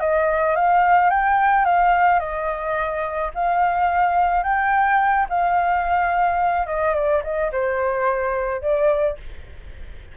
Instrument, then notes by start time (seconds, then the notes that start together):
flute
0.00 D#5
0.56 F5
1.10 G5
1.65 F5
2.20 D#5
3.35 F5
4.43 G5
5.29 F5
6.66 D#5
6.94 D5
7.23 D#5
7.52 C5
8.62 D5